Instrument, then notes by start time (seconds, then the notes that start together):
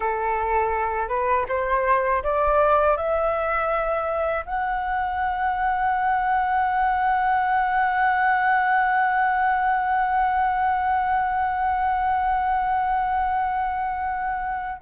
flute
0.00 A4
1.08 B4
1.48 C5
2.23 D5
2.96 E5
4.45 F#5